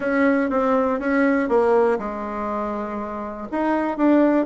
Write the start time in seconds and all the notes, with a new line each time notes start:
0.00 C#4
0.50 C4
0.99 C#4
1.49 A#3
1.98 G#3
3.51 D#4
3.97 D4